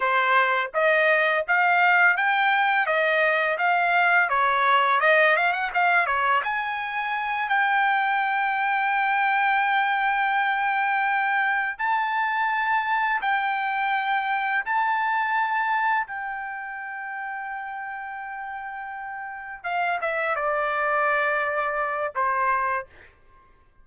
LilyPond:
\new Staff \with { instrumentName = "trumpet" } { \time 4/4 \tempo 4 = 84 c''4 dis''4 f''4 g''4 | dis''4 f''4 cis''4 dis''8 f''16 fis''16 | f''8 cis''8 gis''4. g''4.~ | g''1~ |
g''8 a''2 g''4.~ | g''8 a''2 g''4.~ | g''2.~ g''8 f''8 | e''8 d''2~ d''8 c''4 | }